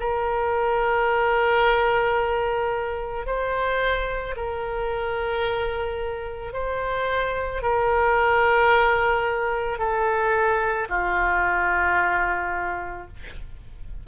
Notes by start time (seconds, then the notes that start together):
0.00 A#4
3.26 C5
4.36 A#4
6.53 C5
7.62 A#4
9.78 A4
10.89 F4